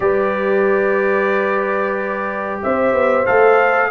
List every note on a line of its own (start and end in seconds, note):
0.00 2.60 G3
0.00 3.24 G4
0.00 2.62 B4
0.00 2.60 D5
2.62 2.92 C4
2.62 3.90 C5
2.62 3.25 E5
2.92 3.25 B3
3.25 3.90 A3
3.25 3.90 A4
3.25 3.90 F5